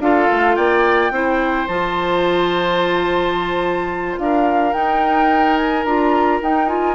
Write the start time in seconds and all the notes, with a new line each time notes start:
0.00 D4 F4 A4 F5
0.32 A3
0.56 A#3 D5 G5
1.11 C4 E4 C5
1.68 F3 F4 A5
4.19 D4 A#4 F5
4.74 D#4 G5
5.57 G#5
5.85 D4 F4 A#5
6.42 D#4 G5
6.69 F4 G#5